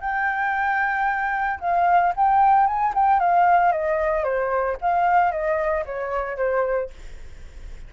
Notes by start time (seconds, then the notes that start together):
0.00 G5
1.60 F5
2.16 G5
2.66 G#5
2.94 G5
3.19 F5
3.72 D#5
4.24 C5
4.81 F5
5.31 D#5
5.85 C#5
6.37 C5